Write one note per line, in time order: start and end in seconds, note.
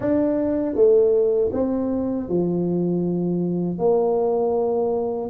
0.00 0.75 D4
0.75 1.51 A3
1.52 2.28 C4
2.29 3.78 F3
3.78 5.30 A#3